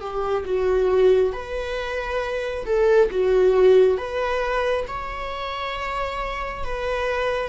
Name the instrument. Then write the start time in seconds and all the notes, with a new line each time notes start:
viola
0.00 G4
0.45 F#4
1.33 B4
2.65 A4
3.10 F#4
3.97 B4
4.87 C#5
6.64 B4